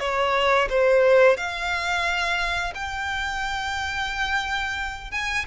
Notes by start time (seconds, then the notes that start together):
0.00 C#5
0.69 C5
1.37 F5
2.75 G5
5.11 G#5